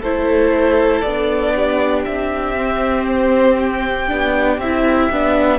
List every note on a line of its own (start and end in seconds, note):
0.00 1.02 A3
0.00 1.06 E4
0.00 1.53 A4
0.00 1.01 C5
1.01 2.05 B3
1.01 2.56 D4
1.01 2.03 D5
1.56 5.59 G4
2.04 4.10 C4
2.04 3.06 E5
2.56 4.08 C4
3.06 3.57 C5
3.59 4.60 G5
4.08 4.58 B3
4.08 4.59 D4
4.58 5.08 C4
4.58 5.12 E4
4.58 5.59 E5
5.11 5.59 B3
5.11 5.59 D4